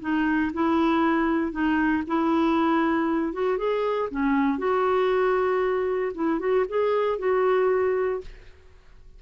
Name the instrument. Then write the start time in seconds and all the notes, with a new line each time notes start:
clarinet
0.00 D#4
0.53 E4
1.51 D#4
2.07 E4
3.33 F#4
3.57 G#4
4.10 C#4
4.58 F#4
6.14 E4
6.39 F#4
6.68 G#4
7.18 F#4